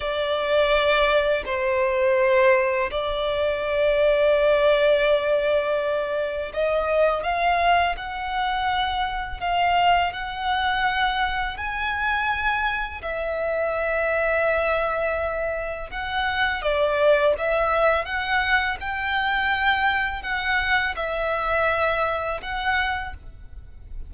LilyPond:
\new Staff \with { instrumentName = "violin" } { \time 4/4 \tempo 4 = 83 d''2 c''2 | d''1~ | d''4 dis''4 f''4 fis''4~ | fis''4 f''4 fis''2 |
gis''2 e''2~ | e''2 fis''4 d''4 | e''4 fis''4 g''2 | fis''4 e''2 fis''4 | }